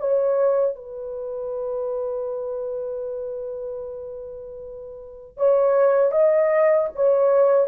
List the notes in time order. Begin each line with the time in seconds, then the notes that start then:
0.00 C#5
0.76 B4
5.37 C#5
6.12 D#5
6.95 C#5